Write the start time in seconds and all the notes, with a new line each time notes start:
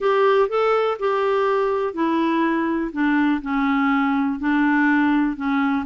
0.00 G4
0.48 A4
0.99 G4
1.93 E4
2.92 D4
3.41 C#4
4.39 D4
5.36 C#4